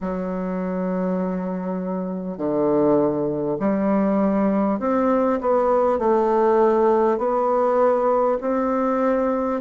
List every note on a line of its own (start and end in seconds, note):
0.00 2.37 F#3
2.37 3.57 D3
3.59 4.79 G3
4.79 5.39 C4
5.40 5.98 B3
5.98 7.18 A3
7.18 8.38 B3
8.41 9.61 C4